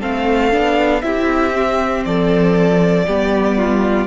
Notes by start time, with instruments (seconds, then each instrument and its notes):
0.00 cello A3, viola C4, violin A4 F5
0.51 cello B3, viola D4
1.02 cello C4, viola E4, violin G4 E5
1.53 viola C4
2.05 cello F3, violin A4 D5
3.07 cello G3, viola B3, violin G4
3.58 violin F4